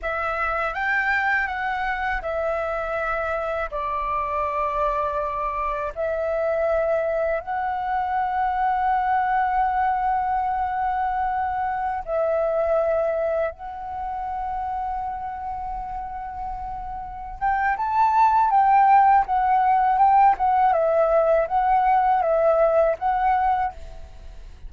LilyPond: \new Staff \with { instrumentName = "flute" } { \time 4/4 \tempo 4 = 81 e''4 g''4 fis''4 e''4~ | e''4 d''2. | e''2 fis''2~ | fis''1~ |
fis''16 e''2 fis''4.~ fis''16~ | fis''2.~ fis''8 g''8 | a''4 g''4 fis''4 g''8 fis''8 | e''4 fis''4 e''4 fis''4 | }